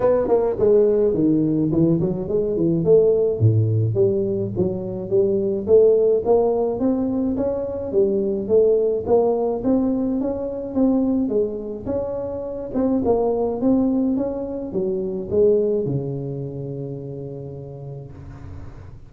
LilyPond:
\new Staff \with { instrumentName = "tuba" } { \time 4/4 \tempo 4 = 106 b8 ais8 gis4 dis4 e8 fis8 | gis8 e8 a4 a,4 g4 | fis4 g4 a4 ais4 | c'4 cis'4 g4 a4 |
ais4 c'4 cis'4 c'4 | gis4 cis'4. c'8 ais4 | c'4 cis'4 fis4 gis4 | cis1 | }